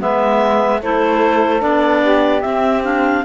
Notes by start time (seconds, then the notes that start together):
0.00 G#3 B3 B4 E5
0.81 A3 E4 A4 C5
1.61 B3 D4 D5
2.02 G4
2.42 C4 E5
2.84 D4 F5